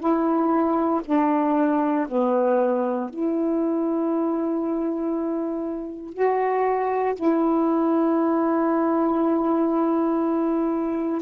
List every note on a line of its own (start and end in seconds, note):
0.00 1.02 E4
1.05 2.07 D4
2.08 3.10 B3
3.10 6.14 E4
6.14 7.16 F#4
7.16 11.22 E4